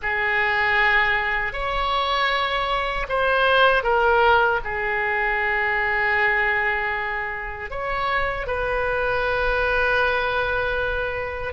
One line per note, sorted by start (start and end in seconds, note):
0.02 1.52 G#4
1.52 3.06 C#5
3.08 3.83 C5
3.83 4.60 A#4
4.64 7.70 G#4
7.70 8.47 C#5
8.47 11.53 B4